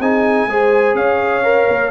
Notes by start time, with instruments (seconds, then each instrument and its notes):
0.00 tuba C4, trombone D#4, horn G#4, trumpet G#5
0.47 tuba G#3, trombone G#4, horn C5
0.95 tuba C#4, horn C#5, trumpet F5
1.44 trombone A#4
1.69 tuba A#3